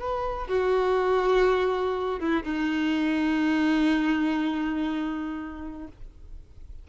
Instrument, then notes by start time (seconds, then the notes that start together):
violin
0.00 B4
0.48 F#4
2.20 E4
2.44 D#4